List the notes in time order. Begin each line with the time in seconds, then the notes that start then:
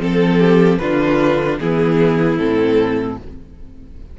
0.00 F3 C4 A4
0.40 G4
0.79 D3 D4 F4 B4
1.60 E3 B3 E4 G#4
2.39 A2 C4 A4